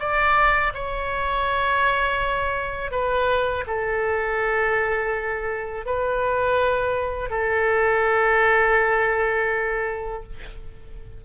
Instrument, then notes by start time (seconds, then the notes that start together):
oboe
0.00 D5
0.75 C#5
2.91 B4
3.67 A4
5.86 B4
7.30 A4